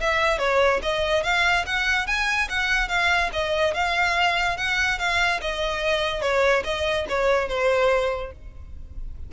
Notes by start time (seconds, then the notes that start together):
0.00 E5
0.38 C#5
0.82 D#5
1.23 F5
1.66 F#5
2.06 G#5
2.49 F#5
2.88 F5
3.32 D#5
3.73 F5
4.57 F#5
4.98 F5
5.41 D#5
6.21 C#5
6.64 D#5
7.09 C#5
7.48 C5